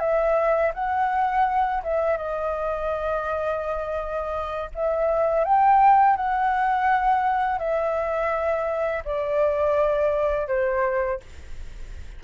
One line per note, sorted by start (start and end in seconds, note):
0.00 0.72 E5
0.75 1.83 F#5
1.84 2.18 E5
2.18 4.71 D#5
4.75 5.45 E5
5.45 6.17 G5
6.17 7.59 F#5
7.59 9.04 E5
9.05 10.48 D5
10.48 11.20 C5